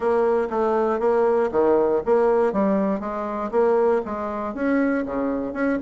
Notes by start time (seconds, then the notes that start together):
0.00 A#3
0.50 A3
0.99 A#3
1.51 D#3
2.05 A#3
2.52 G3
3.00 G#3
3.51 A#3
4.05 G#3
4.54 C#4
5.05 C#3
5.53 C#4